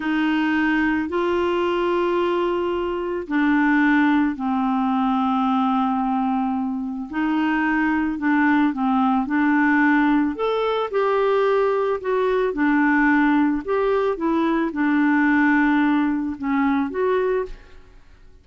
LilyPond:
\new Staff \with { instrumentName = "clarinet" } { \time 4/4 \tempo 4 = 110 dis'2 f'2~ | f'2 d'2 | c'1~ | c'4 dis'2 d'4 |
c'4 d'2 a'4 | g'2 fis'4 d'4~ | d'4 g'4 e'4 d'4~ | d'2 cis'4 fis'4 | }